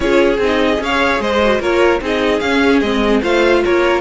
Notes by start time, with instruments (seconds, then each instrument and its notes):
0.00 cello C#4, viola F4, violin G#4 C#5
0.37 cello C4, viola D#4
0.45 violin D#5
0.77 cello C#4, viola G#4, violin F5
0.83 violin C#5
1.19 cello G#3, violin C5 D#5
1.43 viola F#4
1.60 cello A#3, viola F4, violin A#4 C#5
2.00 cello C4, viola D#4, violin G#4 D#5
2.39 cello C#4, viola C#4, violin F5
2.80 cello G#3, viola C4, violin D#5
3.21 cello A3, viola F4, violin C5 F5
3.64 cello A#3, violin A#4 C#5